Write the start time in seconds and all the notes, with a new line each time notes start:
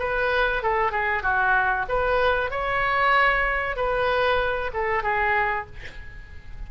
0.00 B4
0.63 A4
0.92 G#4
1.23 F#4
1.89 B4
2.51 C#5
3.77 B4
4.74 A4
5.04 G#4